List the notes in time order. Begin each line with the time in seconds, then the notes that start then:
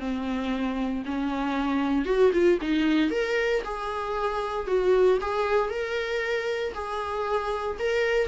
0.00 C4
1.06 C#4
2.06 F#4
2.33 F4
2.62 D#4
3.11 A#4
3.65 G#4
4.67 F#4
5.21 G#4
5.70 A#4
6.75 G#4
7.80 A#4